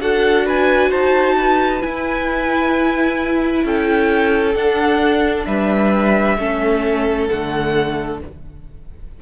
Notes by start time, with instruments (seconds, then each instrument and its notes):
0.00 cello D4, viola F#4, violin A4 F#5
0.45 violin B4 G#5
0.89 cello D#4, violin C5 A5
1.37 violin B4
1.81 viola E4, cello E4, violin G#5
3.64 cello C#4, violin A4 G5
4.54 cello D4, viola D4, violin F#5
5.45 cello G3, violin B4 E5
6.37 cello A3, viola C#4, violin A4
7.27 cello D3, viola A3, violin F#5